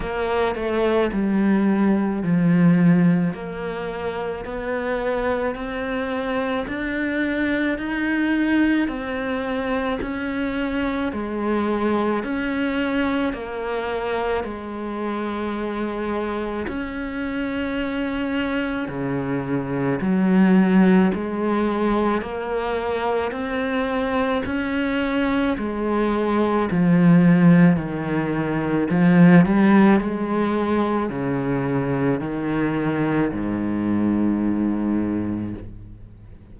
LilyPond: \new Staff \with { instrumentName = "cello" } { \time 4/4 \tempo 4 = 54 ais8 a8 g4 f4 ais4 | b4 c'4 d'4 dis'4 | c'4 cis'4 gis4 cis'4 | ais4 gis2 cis'4~ |
cis'4 cis4 fis4 gis4 | ais4 c'4 cis'4 gis4 | f4 dis4 f8 g8 gis4 | cis4 dis4 gis,2 | }